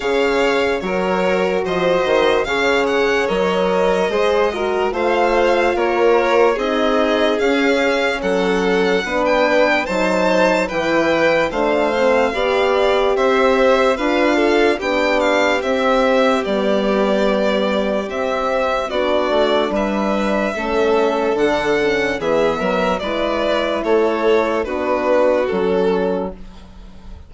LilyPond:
<<
  \new Staff \with { instrumentName = "violin" } { \time 4/4 \tempo 4 = 73 f''4 cis''4 dis''4 f''8 fis''8 | dis''2 f''4 cis''4 | dis''4 f''4 fis''4~ fis''16 g''8. | a''4 g''4 f''2 |
e''4 f''4 g''8 f''8 e''4 | d''2 e''4 d''4 | e''2 fis''4 e''4 | d''4 cis''4 b'4 a'4 | }
  \new Staff \with { instrumentName = "violin" } { \time 4/4 cis''4 ais'4 c''4 cis''4~ | cis''4 c''8 ais'8 c''4 ais'4 | gis'2 a'4 b'4 | c''4 b'4 c''4 d''4 |
c''4 b'8 a'8 g'2~ | g'2. fis'4 | b'4 a'2 gis'8 ais'8 | b'4 a'4 fis'2 | }
  \new Staff \with { instrumentName = "horn" } { \time 4/4 gis'4 fis'2 gis'4 | ais'4 gis'8 fis'8 f'2 | dis'4 cis'2 d'4 | dis'4 e'4 d'8 c'8 g'4~ |
g'4 f'4 d'4 c'4 | b2 c'4 d'4~ | d'4 cis'4 d'8 cis'8 b4 | e'2 d'4 cis'4 | }
  \new Staff \with { instrumentName = "bassoon" } { \time 4/4 cis4 fis4 f8 dis8 cis4 | fis4 gis4 a4 ais4 | c'4 cis'4 fis4 b4 | fis4 e4 a4 b4 |
c'4 d'4 b4 c'4 | g2 c'4 b8 a8 | g4 a4 d4 e8 fis8 | gis4 a4 b4 fis4 | }
>>